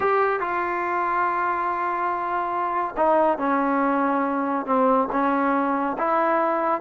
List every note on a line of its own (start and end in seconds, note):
0.00 0.39 G4
0.39 2.95 F4
2.96 3.38 D#4
3.38 4.65 C#4
4.66 5.08 C4
5.11 5.97 C#4
5.98 6.81 E4